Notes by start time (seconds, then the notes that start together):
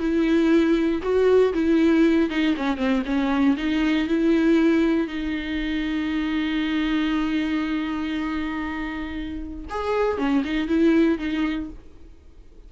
0.00 E4
1.02 F#4
1.54 E4
2.30 D#4
2.57 C#4
2.77 C4
3.06 C#4
3.58 D#4
4.08 E4
5.08 D#4
9.70 G#4
10.18 C#4
10.45 D#4
10.68 E4
11.19 D#4